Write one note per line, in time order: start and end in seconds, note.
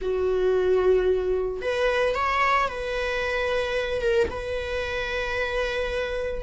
0.01 1.61 F#4
1.61 2.15 B4
2.15 2.68 C#5
2.68 4.01 B4
4.01 4.28 A#4
4.30 6.43 B4